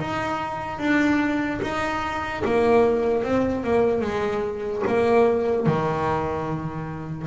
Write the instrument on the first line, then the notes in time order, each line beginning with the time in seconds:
double bass
0.00 D#4
0.79 D4
1.62 D#4
2.45 A#3
3.24 C4
3.64 A#3
4.02 G#3
4.88 A#3
5.66 D#3